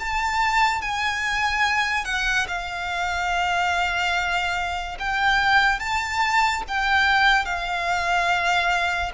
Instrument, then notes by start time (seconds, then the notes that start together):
violin
0.00 A5
0.82 G#5
2.05 F#5
2.48 F5
4.99 G5
5.80 A5
6.68 G5
7.45 F5